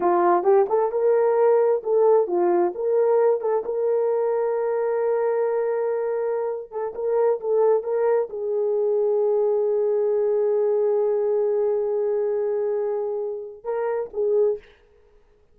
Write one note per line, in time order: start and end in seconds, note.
0.00 0.43 F4
0.43 0.66 G4
0.69 0.91 A4
0.91 1.82 A#4
1.83 2.27 A4
2.27 2.73 F4
2.74 3.40 A#4
3.40 3.63 A4
3.65 6.71 A#4
6.71 6.93 A4
6.94 7.40 A#4
7.40 7.83 A4
7.83 8.29 A#4
8.29 13.63 G#4
13.64 14.09 A#4
14.13 14.58 G#4